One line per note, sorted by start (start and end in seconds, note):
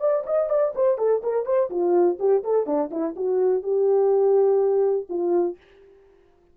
0.00 0.24 D5
0.26 0.50 D#5
0.50 0.74 D5
0.75 0.98 C5
0.98 1.22 A4
1.24 1.46 A#4
1.46 1.70 C5
1.70 2.18 F4
2.20 2.44 G4
2.44 2.67 A4
2.67 2.91 D4
2.91 3.15 E4
3.16 3.63 F#4
3.63 5.07 G4
5.09 5.57 F4